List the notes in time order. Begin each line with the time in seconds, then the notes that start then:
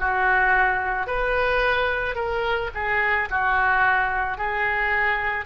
0.00 F#4
1.07 B4
2.16 A#4
2.75 G#4
3.30 F#4
4.38 G#4